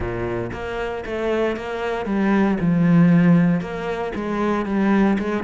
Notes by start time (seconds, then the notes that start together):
0.00 A#2
0.52 A#3
1.05 A3
1.56 A#3
2.05 G3
2.60 F3
3.60 A#3
4.15 G#3
4.65 G3
5.18 G#3